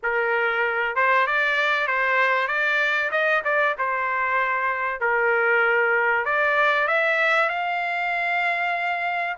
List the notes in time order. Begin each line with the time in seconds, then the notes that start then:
0.03 A#4
0.95 C5
1.26 D5
1.87 C5
2.47 D5
3.11 D#5
3.44 D5
3.78 C5
5.00 A#4
6.25 D5
6.87 E5
7.49 F5